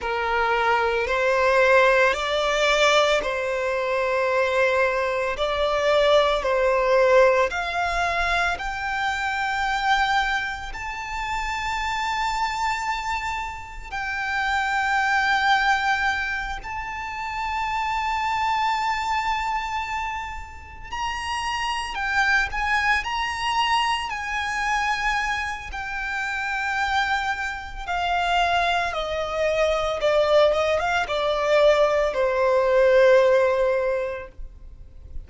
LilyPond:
\new Staff \with { instrumentName = "violin" } { \time 4/4 \tempo 4 = 56 ais'4 c''4 d''4 c''4~ | c''4 d''4 c''4 f''4 | g''2 a''2~ | a''4 g''2~ g''8 a''8~ |
a''2.~ a''8 ais''8~ | ais''8 g''8 gis''8 ais''4 gis''4. | g''2 f''4 dis''4 | d''8 dis''16 f''16 d''4 c''2 | }